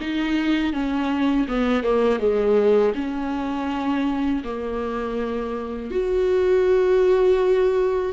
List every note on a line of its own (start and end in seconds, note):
0.00 0.73 D#4
0.73 1.47 C#4
1.48 1.83 B3
1.83 2.19 A#3
2.19 2.93 G#3
2.95 4.43 C#4
4.44 5.91 A#3
5.91 8.12 F#4